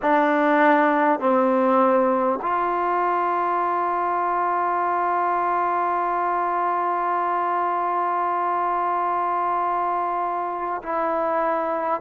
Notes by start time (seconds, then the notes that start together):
0.02 D4
1.19 C4
2.42 F4
10.82 E4